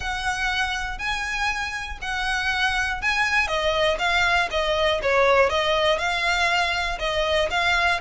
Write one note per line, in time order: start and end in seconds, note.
0.00 0.98 F#5
0.98 1.98 G#5
2.01 3.01 F#5
3.01 3.47 G#5
3.47 3.97 D#5
3.98 4.48 F5
4.50 5.00 D#5
5.02 5.49 C#5
5.49 5.98 D#5
5.98 6.98 F5
6.99 7.49 D#5
7.50 8.00 F5